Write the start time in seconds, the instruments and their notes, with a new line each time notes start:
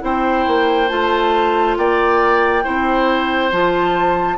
0.00 bassoon C4, clarinet E4, oboe C5, flute G5
0.47 bassoon A#3
0.88 bassoon A3, clarinet F4, flute A5
1.77 bassoon A#3, oboe D5, flute G5
2.63 bassoon C4, clarinet E4, oboe C5
3.51 bassoon F3, clarinet F4, flute A5